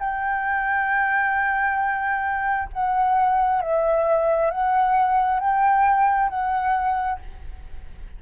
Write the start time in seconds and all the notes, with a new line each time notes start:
0.00 G5
2.73 F#5
3.61 E5
4.51 F#5
5.40 G5
6.30 F#5